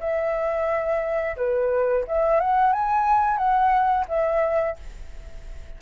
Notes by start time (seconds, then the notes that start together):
0.00 E5
1.36 B4
2.07 E5
2.40 F#5
2.73 G#5
3.37 F#5
4.08 E5